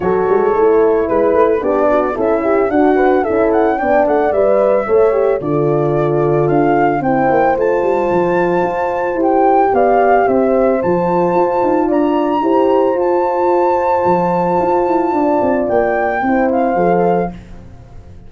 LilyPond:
<<
  \new Staff \with { instrumentName = "flute" } { \time 4/4 \tempo 4 = 111 cis''2 b'4 d''4 | e''4 fis''4 e''8 fis''8 g''8 fis''8 | e''2 d''2 | f''4 g''4 a''2~ |
a''4 g''4 f''4 e''4 | a''2 ais''2 | a''1~ | a''4 g''4. f''4. | }
  \new Staff \with { instrumentName = "horn" } { \time 4/4 a'2 b'4 g'8 fis'8 | e'4 d'8 b'8 a'4 d''4~ | d''4 cis''4 a'2~ | a'4 c''2.~ |
c''2 d''4 c''4~ | c''2 d''4 c''4~ | c''1 | d''2 c''2 | }
  \new Staff \with { instrumentName = "horn" } { \time 4/4 fis'4 e'2 d'4 | a'8 g'8 fis'4 e'4 d'4 | b'4 a'8 g'8 f'2~ | f'4 e'4 f'2~ |
f'4 g'2. | f'2. g'4 | f'1~ | f'2 e'4 a'4 | }
  \new Staff \with { instrumentName = "tuba" } { \time 4/4 fis8 gis8 a4 gis8 a8 b4 | cis'4 d'4 cis'4 b8 a8 | g4 a4 d2 | d'4 c'8 ais8 a8 g8 f4 |
f'4 e'4 b4 c'4 | f4 f'8 dis'8 d'4 e'4 | f'2 f4 f'8 e'8 | d'8 c'8 ais4 c'4 f4 | }
>>